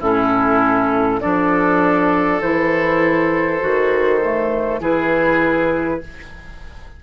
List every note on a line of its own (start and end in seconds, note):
0.00 1.20 A2
0.00 1.21 C#4
0.00 1.20 E4
0.00 1.21 A4
1.21 2.41 F3
1.21 2.41 D4
1.21 4.81 A4
1.21 2.41 D5
2.41 3.61 E3
2.41 3.60 E4
2.41 4.81 C5
3.60 4.81 D#3
3.60 4.20 F#4
4.22 4.80 A3
4.80 6.01 E3
4.80 6.00 E4
4.80 6.01 G#4
4.80 6.03 B4